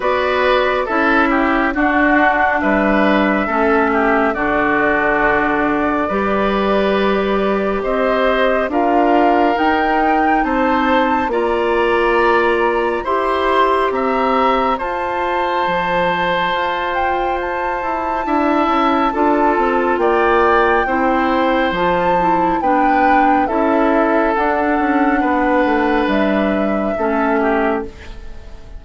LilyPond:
<<
  \new Staff \with { instrumentName = "flute" } { \time 4/4 \tempo 4 = 69 d''4 e''4 fis''4 e''4~ | e''4 d''2.~ | d''4 dis''4 f''4 g''4 | a''4 ais''2 c'''4 |
ais''4 a''2~ a''8 g''8 | a''2. g''4~ | g''4 a''4 g''4 e''4 | fis''2 e''2 | }
  \new Staff \with { instrumentName = "oboe" } { \time 4/4 b'4 a'8 g'8 fis'4 b'4 | a'8 g'8 fis'2 b'4~ | b'4 c''4 ais'2 | c''4 d''2 c''4 |
e''4 c''2.~ | c''4 e''4 a'4 d''4 | c''2 b'4 a'4~ | a'4 b'2 a'8 g'8 | }
  \new Staff \with { instrumentName = "clarinet" } { \time 4/4 fis'4 e'4 d'2 | cis'4 d'2 g'4~ | g'2 f'4 dis'4~ | dis'4 f'2 g'4~ |
g'4 f'2.~ | f'4 e'4 f'2 | e'4 f'8 e'8 d'4 e'4 | d'2. cis'4 | }
  \new Staff \with { instrumentName = "bassoon" } { \time 4/4 b4 cis'4 d'4 g4 | a4 d2 g4~ | g4 c'4 d'4 dis'4 | c'4 ais2 e'4 |
c'4 f'4 f4 f'4~ | f'8 e'8 d'8 cis'8 d'8 c'8 ais4 | c'4 f4 b4 cis'4 | d'8 cis'8 b8 a8 g4 a4 | }
>>